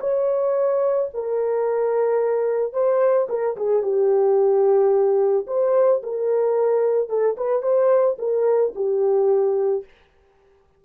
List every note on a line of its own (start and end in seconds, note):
0.00 1.09 C#5
1.14 2.73 A#4
2.73 3.27 C5
3.29 3.56 A#4
3.56 3.82 G#4
3.82 5.46 G4
5.47 6.01 C5
6.02 7.09 A#4
7.09 7.36 A4
7.37 7.62 B4
7.62 8.17 C5
8.18 8.73 A#4
8.75 9.84 G4